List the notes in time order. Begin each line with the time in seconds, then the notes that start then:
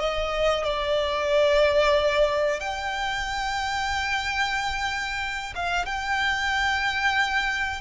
0.00 D#5
0.65 D5
2.60 G5
5.55 F5
5.86 G5